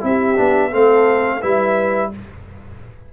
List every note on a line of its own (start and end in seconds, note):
0.00 0.38 C4
0.00 0.35 E4
0.00 0.74 E5
0.06 0.70 G4
0.36 0.74 B3
0.36 0.71 D4
0.70 1.43 A3
0.70 1.41 C4
0.70 1.39 A4
0.70 1.42 F5
1.40 2.13 G3
1.40 2.11 E4
1.40 2.10 B4
1.40 2.11 E5